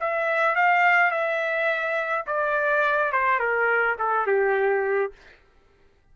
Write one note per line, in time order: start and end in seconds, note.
0.00 0.55 E5
0.55 1.11 F5
1.11 2.25 E5
2.26 3.12 D5
3.12 3.39 C5
3.39 3.96 A#4
3.98 4.26 A4
4.26 5.12 G4